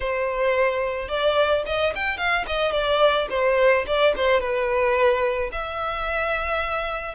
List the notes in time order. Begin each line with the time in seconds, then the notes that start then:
0.00 C5
1.08 D5
1.66 D#5
1.95 G5
2.17 F5
2.46 D#5
2.71 D5
3.30 C5
3.86 D5
4.16 C5
4.40 B4
5.52 E5